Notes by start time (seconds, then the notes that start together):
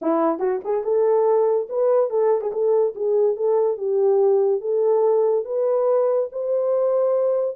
0.01 E4
0.39 F#4
0.64 G#4
0.83 A4
1.69 B4
2.09 A4
2.41 G#4
2.52 A4
2.95 G#4
3.36 A4
3.77 G4
4.60 A4
5.45 B4
6.31 C5